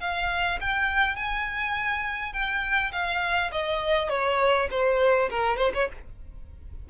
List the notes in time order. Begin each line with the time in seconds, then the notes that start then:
0.00 F5
0.61 G5
1.16 G#5
2.33 G5
2.92 F5
3.52 D#5
4.09 C#5
4.71 C5
5.30 A#4
5.57 C5
5.74 C#5